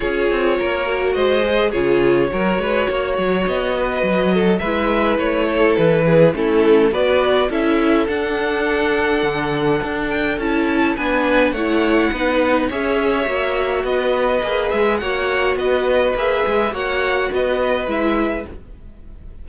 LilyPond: <<
  \new Staff \with { instrumentName = "violin" } { \time 4/4 \tempo 4 = 104 cis''2 dis''4 cis''4~ | cis''2 dis''2 | e''4 cis''4 b'4 a'4 | d''4 e''4 fis''2~ |
fis''4. g''8 a''4 gis''4 | fis''2 e''2 | dis''4. e''8 fis''4 dis''4 | e''4 fis''4 dis''4 e''4 | }
  \new Staff \with { instrumentName = "violin" } { \time 4/4 gis'4 ais'4 c''4 gis'4 | ais'8 b'8 cis''4. b'4 a'8 | b'4. a'4 gis'8 e'4 | b'4 a'2.~ |
a'2. b'4 | cis''4 b'4 cis''2 | b'2 cis''4 b'4~ | b'4 cis''4 b'2 | }
  \new Staff \with { instrumentName = "viola" } { \time 4/4 f'4. fis'4 gis'8 f'4 | fis'1 | e'2. cis'4 | fis'4 e'4 d'2~ |
d'2 e'4 d'4 | e'4 dis'4 gis'4 fis'4~ | fis'4 gis'4 fis'2 | gis'4 fis'2 e'4 | }
  \new Staff \with { instrumentName = "cello" } { \time 4/4 cis'8 c'8 ais4 gis4 cis4 | fis8 gis8 ais8 fis8 b4 fis4 | gis4 a4 e4 a4 | b4 cis'4 d'2 |
d4 d'4 cis'4 b4 | a4 b4 cis'4 ais4 | b4 ais8 gis8 ais4 b4 | ais8 gis8 ais4 b4 gis4 | }
>>